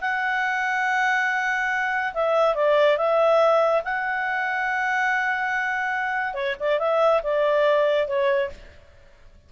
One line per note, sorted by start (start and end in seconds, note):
0.00 2.13 F#5
2.13 2.55 E5
2.55 2.97 D5
2.97 3.82 E5
3.84 6.34 F#5
6.34 6.55 C#5
6.59 6.79 D5
6.79 7.21 E5
7.23 8.07 D5
8.07 8.49 C#5